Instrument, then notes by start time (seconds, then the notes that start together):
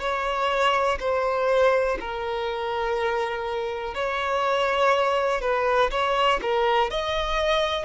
violin
0.00 C#5
0.99 C5
2.00 A#4
3.94 C#5
5.41 B4
5.91 C#5
6.42 A#4
6.90 D#5